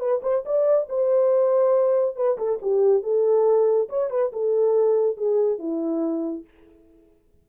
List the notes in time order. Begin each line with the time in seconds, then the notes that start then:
0.00 B4
0.23 C5
0.46 D5
0.89 C5
2.16 B4
2.38 A4
2.62 G4
3.03 A4
3.89 C#5
4.11 B4
4.33 A4
5.18 G#4
5.59 E4